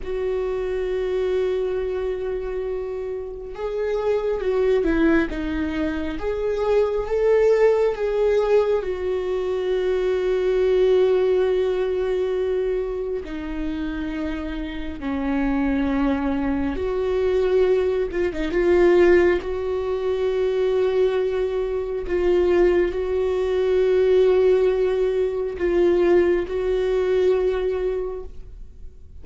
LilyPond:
\new Staff \with { instrumentName = "viola" } { \time 4/4 \tempo 4 = 68 fis'1 | gis'4 fis'8 e'8 dis'4 gis'4 | a'4 gis'4 fis'2~ | fis'2. dis'4~ |
dis'4 cis'2 fis'4~ | fis'8 f'16 dis'16 f'4 fis'2~ | fis'4 f'4 fis'2~ | fis'4 f'4 fis'2 | }